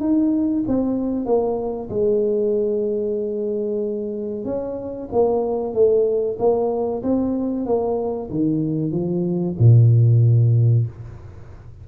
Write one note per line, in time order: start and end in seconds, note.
0.00 0.64 D#4
0.68 1.26 C4
1.26 1.89 A#3
1.90 4.45 G#3
4.45 5.09 C#4
5.12 5.74 A#3
5.74 6.37 A3
6.39 7.03 A#3
7.03 7.66 C4
7.66 8.30 A#3
8.30 8.92 D#3
8.92 9.56 F3
9.59 10.87 A#2